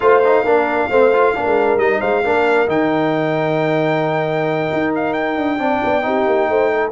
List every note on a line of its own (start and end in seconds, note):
0.00 0.44 A3
0.00 0.22 F4
0.00 0.43 C5
0.00 1.79 F5
0.25 0.46 D#4
0.43 0.89 A#3
0.43 0.90 D4
0.43 0.88 A#4
0.90 1.35 A3
0.90 1.13 C4
0.90 1.34 C5
1.13 1.35 F4
1.35 1.46 A#3
1.35 1.78 D4
1.35 2.00 A#4
1.46 1.77 G#3
1.77 2.00 G3
1.77 2.23 D#4
1.77 2.01 D#5
2.00 2.24 G#3
2.00 2.22 C5
2.00 2.68 F5
2.24 2.67 A#3
2.24 2.67 D4
2.24 5.60 A#4
2.67 4.68 D#3
2.67 5.58 D#4
2.67 4.93 G5
4.72 5.36 D#4
4.94 5.13 F5
5.13 6.92 G5
5.36 5.59 D4
5.59 5.81 C4
5.59 6.02 D4
5.59 6.05 D5
5.84 6.05 B3
6.02 6.27 C4
6.02 6.91 D#4
6.02 6.49 G4
6.27 6.49 A#3
6.49 6.92 A3
6.49 6.72 C5
6.72 6.92 A4